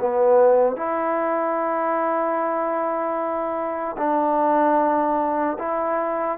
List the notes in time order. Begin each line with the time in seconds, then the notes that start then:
0.00 B3
0.76 E4
3.97 D4
5.59 E4